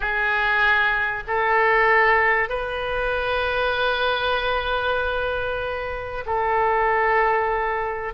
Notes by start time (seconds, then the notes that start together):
0.00 G#4
1.27 A4
2.49 B4
6.26 A4